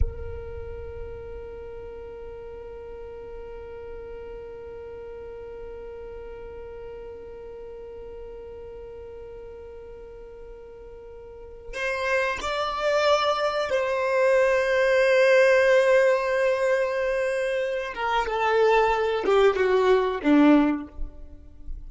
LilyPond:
\new Staff \with { instrumentName = "violin" } { \time 4/4 \tempo 4 = 92 ais'1~ | ais'1~ | ais'1~ | ais'1~ |
ais'2 c''4 d''4~ | d''4 c''2.~ | c''2.~ c''8 ais'8 | a'4. g'8 fis'4 d'4 | }